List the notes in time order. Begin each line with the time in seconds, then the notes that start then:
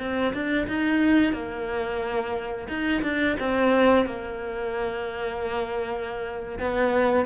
0.00 C4
0.34 D4
0.68 D#4
1.33 A#3
2.69 D#4
3.03 D4
3.40 C4
4.06 A#3
6.60 B3